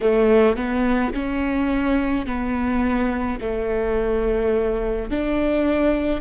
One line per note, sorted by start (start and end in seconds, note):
0.00 0.56 A3
0.56 1.12 B3
1.13 2.26 C#4
2.26 3.39 B3
3.40 5.10 A3
5.10 6.21 D4